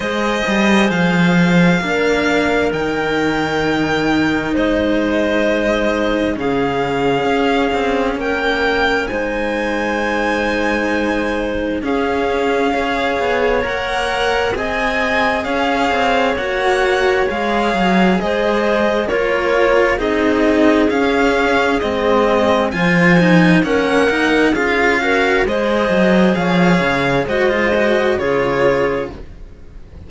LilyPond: <<
  \new Staff \with { instrumentName = "violin" } { \time 4/4 \tempo 4 = 66 dis''4 f''2 g''4~ | g''4 dis''2 f''4~ | f''4 g''4 gis''2~ | gis''4 f''2 fis''4 |
gis''4 f''4 fis''4 f''4 | dis''4 cis''4 dis''4 f''4 | dis''4 gis''4 fis''4 f''4 | dis''4 f''4 dis''4 cis''4 | }
  \new Staff \with { instrumentName = "clarinet" } { \time 4/4 c''2 ais'2~ | ais'4 c''2 gis'4~ | gis'4 ais'4 c''2~ | c''4 gis'4 cis''2 |
dis''4 cis''2. | c''4 ais'4 gis'2~ | gis'4 c''4 ais'4 gis'8 ais'8 | c''4 cis''4 c''4 gis'4 | }
  \new Staff \with { instrumentName = "cello" } { \time 4/4 gis'2 d'4 dis'4~ | dis'2. cis'4~ | cis'2 dis'2~ | dis'4 cis'4 gis'4 ais'4 |
gis'2 fis'4 gis'4~ | gis'4 f'4 dis'4 cis'4 | c'4 f'8 dis'8 cis'8 dis'8 f'8 fis'8 | gis'2 fis'16 f'16 fis'8 f'4 | }
  \new Staff \with { instrumentName = "cello" } { \time 4/4 gis8 g8 f4 ais4 dis4~ | dis4 gis2 cis4 | cis'8 c'8 ais4 gis2~ | gis4 cis'4. b8 ais4 |
c'4 cis'8 c'8 ais4 gis8 fis8 | gis4 ais4 c'4 cis'4 | gis4 f4 ais4 cis'4 | gis8 fis8 f8 cis8 gis4 cis4 | }
>>